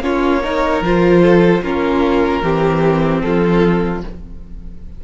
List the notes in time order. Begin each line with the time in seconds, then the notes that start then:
0.00 A#3 C#4 F4 C#5
0.42 D#4 A#4
0.81 F3 F4 C5
1.22 A4
1.61 A#3 C#4 F4 A#4
2.42 E3 C4 G4
3.20 F3 F4 A4